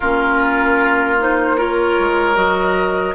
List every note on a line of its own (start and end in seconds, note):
0.00 1.99 A#3
0.00 1.19 C#4
0.00 1.57 F4
0.00 1.19 A#4
1.19 1.57 D#4
1.19 1.58 C5
1.57 2.34 F4
1.57 3.15 A#4
1.57 2.36 C#5
1.99 2.36 G#3
2.34 3.15 F#3
2.34 3.13 F#4
2.34 3.15 D#5